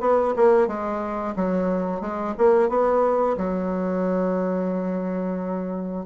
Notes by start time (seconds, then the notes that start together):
0.00 B3
0.36 A#3
0.67 G#3
1.35 F#3
2.01 G#3
2.37 A#3
2.69 B3
3.37 F#3